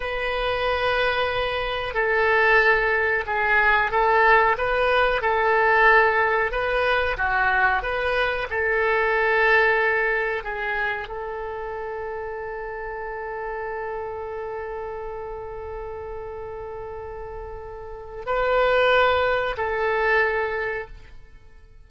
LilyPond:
\new Staff \with { instrumentName = "oboe" } { \time 4/4 \tempo 4 = 92 b'2. a'4~ | a'4 gis'4 a'4 b'4 | a'2 b'4 fis'4 | b'4 a'2. |
gis'4 a'2.~ | a'1~ | a'1 | b'2 a'2 | }